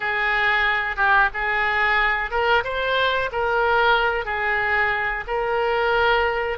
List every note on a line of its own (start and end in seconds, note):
0.00 0.96 G#4
0.96 1.29 G4
1.33 2.30 G#4
2.30 2.63 A#4
2.64 3.30 C5
3.31 4.25 A#4
4.25 5.24 G#4
5.27 6.58 A#4